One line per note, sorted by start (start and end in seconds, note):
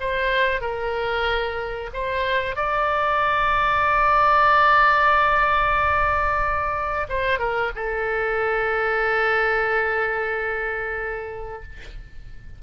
0.00 0.61 C5
0.61 1.90 A#4
1.93 2.56 C5
2.56 7.07 D5
7.09 7.39 C5
7.39 7.71 A#4
7.75 11.62 A4